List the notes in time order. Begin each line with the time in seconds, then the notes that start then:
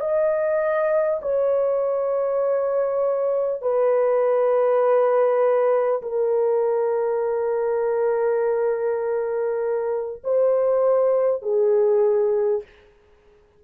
0.00 D#5
1.21 C#5
3.61 B4
6.02 A#4
10.23 C5
11.42 G#4